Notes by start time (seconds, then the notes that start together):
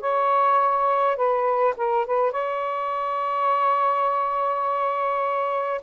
0.00 C#5
1.16 B4
1.77 A#4
2.06 B4
2.31 C#5